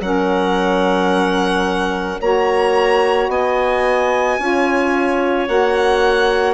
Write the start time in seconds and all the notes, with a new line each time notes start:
0.00 F#3 C#4 A#4 F#5
2.21 A#3 F#4 C#5 A#5
3.28 B3 D#5 G#5
4.38 C#4 F4 C#5
5.47 A#3 F#4 F#5